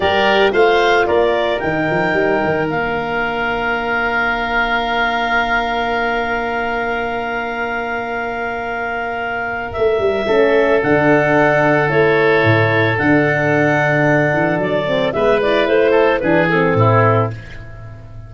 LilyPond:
<<
  \new Staff \with { instrumentName = "clarinet" } { \time 4/4 \tempo 4 = 111 d''4 f''4 d''4 g''4~ | g''4 f''2.~ | f''1~ | f''1~ |
f''2 e''2 | fis''2 cis''2 | fis''2. d''4 | e''8 d''8 c''4 b'8 a'4. | }
  \new Staff \with { instrumentName = "oboe" } { \time 4/4 ais'4 c''4 ais'2~ | ais'1~ | ais'1~ | ais'1~ |
ais'2. a'4~ | a'1~ | a'1 | b'4. a'8 gis'4 e'4 | }
  \new Staff \with { instrumentName = "horn" } { \time 4/4 g'4 f'2 dis'4~ | dis'4 d'2.~ | d'1~ | d'1~ |
d'2. cis'4 | d'2 e'2 | d'2.~ d'8 c'8 | b8 e'4. d'8 c'4. | }
  \new Staff \with { instrumentName = "tuba" } { \time 4/4 g4 a4 ais4 dis8 f8 | g8 dis8 ais2.~ | ais1~ | ais1~ |
ais2 a8 g8 a4 | d2 a4 a,4 | d2~ d8 e8 fis4 | gis4 a4 e4 a,4 | }
>>